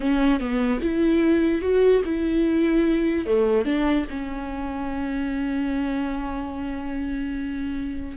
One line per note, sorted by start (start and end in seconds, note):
0.00 0.40 C#4
0.40 0.81 B3
0.81 1.61 E4
1.61 2.02 F#4
2.04 3.25 E4
3.25 3.65 A3
3.65 4.06 D4
4.09 8.17 C#4